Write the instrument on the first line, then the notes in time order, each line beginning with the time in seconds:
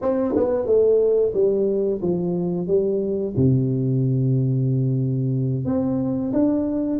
tuba
0.01 C4
0.36 B3
0.65 A3
1.34 G3
2.02 F3
2.67 G3
3.36 C3
5.65 C4
6.32 D4